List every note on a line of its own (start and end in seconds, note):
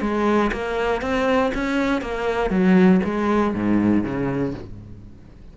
0.00 0.50 G#3
0.52 1.01 A#3
1.01 1.51 C4
1.54 2.01 C#4
2.01 2.50 A#3
2.50 3.00 F#3
3.04 3.54 G#3
3.54 4.03 G#2
4.03 4.54 C#3